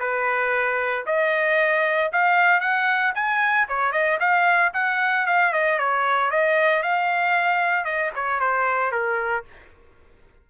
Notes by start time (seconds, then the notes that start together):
0.00 B4
1.06 D#5
2.13 F5
2.61 F#5
3.15 G#5
3.68 C#5
3.92 D#5
4.20 F5
4.74 F#5
5.27 F5
5.53 D#5
5.79 C#5
6.31 D#5
6.83 F5
7.85 D#5
8.16 C#5
8.40 C5
8.92 A#4